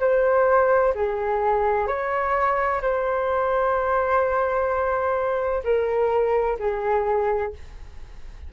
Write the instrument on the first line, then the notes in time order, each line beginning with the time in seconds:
flute
0.00 C5
0.95 G#4
1.87 C#5
2.82 C5
5.64 A#4
6.59 G#4